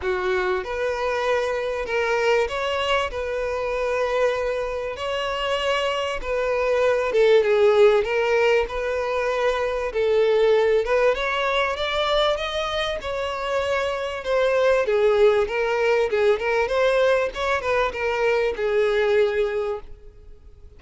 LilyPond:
\new Staff \with { instrumentName = "violin" } { \time 4/4 \tempo 4 = 97 fis'4 b'2 ais'4 | cis''4 b'2. | cis''2 b'4. a'8 | gis'4 ais'4 b'2 |
a'4. b'8 cis''4 d''4 | dis''4 cis''2 c''4 | gis'4 ais'4 gis'8 ais'8 c''4 | cis''8 b'8 ais'4 gis'2 | }